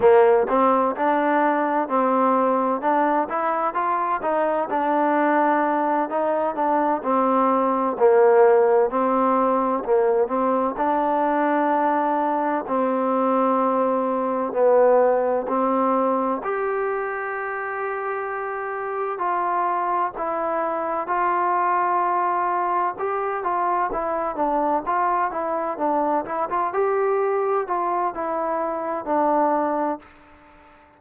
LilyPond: \new Staff \with { instrumentName = "trombone" } { \time 4/4 \tempo 4 = 64 ais8 c'8 d'4 c'4 d'8 e'8 | f'8 dis'8 d'4. dis'8 d'8 c'8~ | c'8 ais4 c'4 ais8 c'8 d'8~ | d'4. c'2 b8~ |
b8 c'4 g'2~ g'8~ | g'8 f'4 e'4 f'4.~ | f'8 g'8 f'8 e'8 d'8 f'8 e'8 d'8 | e'16 f'16 g'4 f'8 e'4 d'4 | }